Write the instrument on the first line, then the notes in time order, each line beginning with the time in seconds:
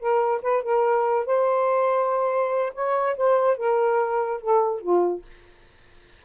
saxophone
0.00 A#4
0.42 B4
0.63 A#4
1.26 C5
2.75 C#5
3.17 C5
3.58 A#4
4.41 A4
4.81 F4